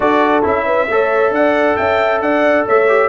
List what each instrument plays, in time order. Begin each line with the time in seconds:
0.00 tuba D4, trombone F#4, horn A4, trumpet D5
0.43 tuba C#4, trombone E4, trumpet E5
0.65 horn B4
0.88 tuba A3, trombone A4, horn C#5
1.30 tuba D4, trumpet F#5
1.36 horn D5
1.76 tuba C#4, horn E5, trumpet G5
2.20 tuba D4, horn D5, trumpet F#5
2.66 tuba A3, horn C#5, trumpet E5
2.88 trombone G4